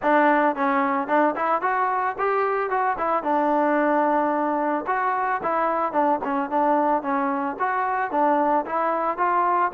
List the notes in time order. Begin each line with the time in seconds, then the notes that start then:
0.02 D4
0.55 C#4
1.07 D4
1.36 E4
1.61 F#4
2.18 G4
2.70 F#4
2.98 E4
3.23 D4
4.86 F#4
5.42 E4
5.92 D4
6.24 C#4
6.50 D4
7.02 C#4
7.59 F#4
8.11 D4
8.65 E4
9.17 F4